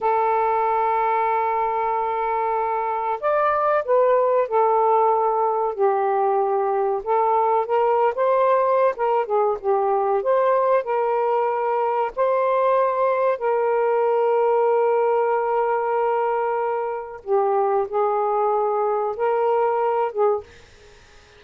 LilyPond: \new Staff \with { instrumentName = "saxophone" } { \time 4/4 \tempo 4 = 94 a'1~ | a'4 d''4 b'4 a'4~ | a'4 g'2 a'4 | ais'8. c''4~ c''16 ais'8 gis'8 g'4 |
c''4 ais'2 c''4~ | c''4 ais'2.~ | ais'2. g'4 | gis'2 ais'4. gis'8 | }